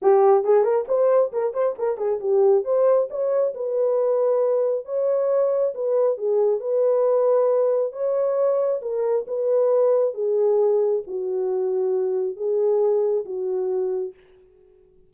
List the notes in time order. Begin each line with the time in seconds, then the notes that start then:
0.02 G4
0.44 G#4
0.63 A#4
0.87 C5
1.32 A#4
1.53 C5
1.78 A#4
1.97 G#4
2.20 G4
2.64 C5
3.09 C#5
3.54 B4
4.85 C#5
5.74 B4
6.17 G#4
6.60 B4
7.92 C#5
8.81 A#4
9.27 B4
10.14 G#4
11.06 F#4
12.36 G#4
13.25 F#4